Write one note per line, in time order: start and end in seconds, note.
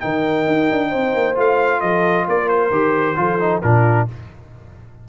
0.00 0.47 D#3
0.00 1.35 D#4
0.00 0.89 A#4
0.00 1.35 G5
0.47 0.70 D#4
0.71 0.93 D4
0.89 1.14 C4
0.89 1.79 C5
1.14 1.37 A#3
1.35 1.82 A3
1.35 2.71 F4
1.35 1.80 F5
1.80 2.27 F3
1.80 2.26 A4
1.80 2.25 D#5
2.28 2.71 A#3
2.28 3.18 A#4
2.28 2.48 D5
2.48 3.61 C5
2.71 3.16 D#3
2.71 3.16 G4
3.16 3.62 F3
3.16 3.39 F4
3.16 3.63 A4
3.39 3.62 D#4
3.62 4.08 A#2
3.62 4.08 D4
3.62 4.08 F4
3.62 4.07 A#4